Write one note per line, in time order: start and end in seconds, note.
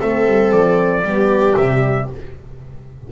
0.00 0.27 A3
0.00 1.05 C4
0.00 1.05 A4
0.00 0.52 E5
0.27 0.52 G3
0.52 1.02 F3
0.52 1.57 D5
1.02 1.55 G3
1.02 1.58 B3
1.02 2.10 G4
1.57 2.10 C3
1.57 2.12 G3
1.57 2.09 E5